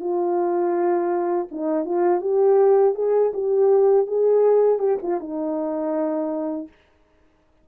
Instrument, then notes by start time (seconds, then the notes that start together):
horn
0.00 F4
1.51 D#4
1.85 F4
2.21 G4
2.95 G#4
3.34 G4
4.07 G#4
4.79 G4
5.02 F4
5.20 D#4